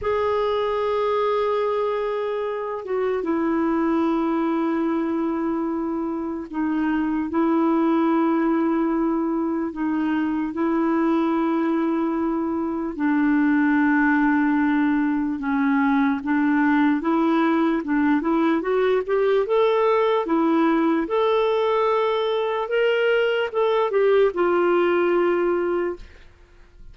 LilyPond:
\new Staff \with { instrumentName = "clarinet" } { \time 4/4 \tempo 4 = 74 gis'2.~ gis'8 fis'8 | e'1 | dis'4 e'2. | dis'4 e'2. |
d'2. cis'4 | d'4 e'4 d'8 e'8 fis'8 g'8 | a'4 e'4 a'2 | ais'4 a'8 g'8 f'2 | }